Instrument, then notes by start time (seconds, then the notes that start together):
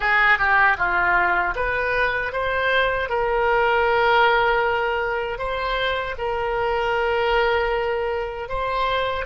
oboe
0.00 G#4
0.38 G4
0.77 F4
1.55 B4
2.32 C5
3.09 A#4
5.38 C5
6.18 A#4
8.48 C5